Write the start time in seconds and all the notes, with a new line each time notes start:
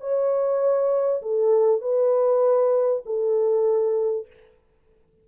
0.00 C#5
1.22 A4
1.81 B4
3.05 A4